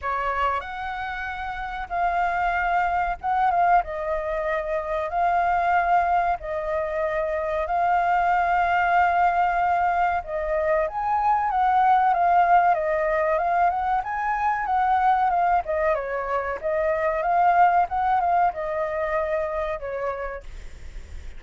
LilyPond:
\new Staff \with { instrumentName = "flute" } { \time 4/4 \tempo 4 = 94 cis''4 fis''2 f''4~ | f''4 fis''8 f''8 dis''2 | f''2 dis''2 | f''1 |
dis''4 gis''4 fis''4 f''4 | dis''4 f''8 fis''8 gis''4 fis''4 | f''8 dis''8 cis''4 dis''4 f''4 | fis''8 f''8 dis''2 cis''4 | }